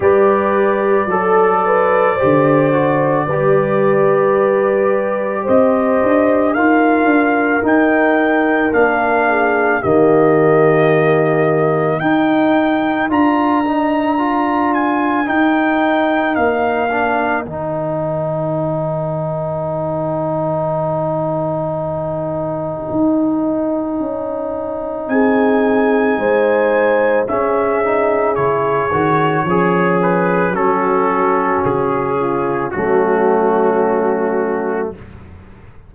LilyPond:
<<
  \new Staff \with { instrumentName = "trumpet" } { \time 4/4 \tempo 4 = 55 d''1~ | d''4 dis''4 f''4 g''4 | f''4 dis''2 g''4 | ais''4. gis''8 g''4 f''4 |
g''1~ | g''2. gis''4~ | gis''4 e''4 cis''4. b'8 | a'4 gis'4 fis'2 | }
  \new Staff \with { instrumentName = "horn" } { \time 4/4 b'4 a'8 b'8 c''4 b'4~ | b'4 c''4 ais'2~ | ais'8 gis'8 g'2 ais'4~ | ais'1~ |
ais'1~ | ais'2. gis'4 | c''4 gis'2 cis'4 | fis'4. f'8 cis'2 | }
  \new Staff \with { instrumentName = "trombone" } { \time 4/4 g'4 a'4 g'8 fis'8 g'4~ | g'2 f'4 dis'4 | d'4 ais2 dis'4 | f'8 dis'8 f'4 dis'4. d'8 |
dis'1~ | dis'1~ | dis'4 cis'8 dis'8 e'8 fis'8 gis'4 | cis'2 a2 | }
  \new Staff \with { instrumentName = "tuba" } { \time 4/4 g4 fis4 d4 g4~ | g4 c'8 d'8 dis'8 d'8 dis'4 | ais4 dis2 dis'4 | d'2 dis'4 ais4 |
dis1~ | dis4 dis'4 cis'4 c'4 | gis4 cis'4 cis8 dis8 f4 | fis4 cis4 fis2 | }
>>